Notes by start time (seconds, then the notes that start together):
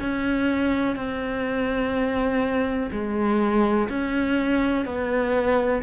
0.00 C#4
0.95 C4
2.91 G#3
3.88 C#4
4.85 B3